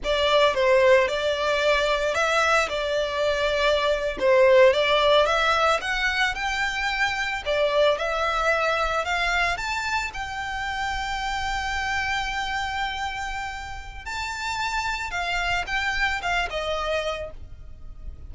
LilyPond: \new Staff \with { instrumentName = "violin" } { \time 4/4 \tempo 4 = 111 d''4 c''4 d''2 | e''4 d''2~ d''8. c''16~ | c''8. d''4 e''4 fis''4 g''16~ | g''4.~ g''16 d''4 e''4~ e''16~ |
e''8. f''4 a''4 g''4~ g''16~ | g''1~ | g''2 a''2 | f''4 g''4 f''8 dis''4. | }